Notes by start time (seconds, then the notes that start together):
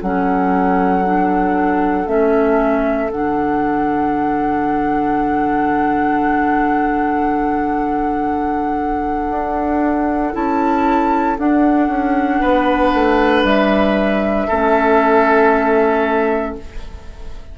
0.00 F#3 C#4 A4 F#5
1.04 D4
2.06 A3 C#4 E5
3.09 D3 D4 F#5
9.29 D4
10.33 C#4 E4 A5
11.39 D4 F#5
11.88 C#4
12.40 B3 B4
12.94 A3
13.43 G3 E5
14.47 A3 C#4 A4